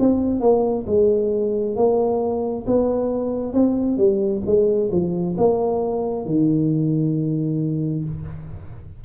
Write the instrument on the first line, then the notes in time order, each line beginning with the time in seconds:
tuba
0.00 C4
0.41 A#3
0.87 G#3
1.76 A#3
2.67 B3
3.53 C4
3.98 G3
4.46 G#3
4.92 F3
5.38 A#3
6.26 D#3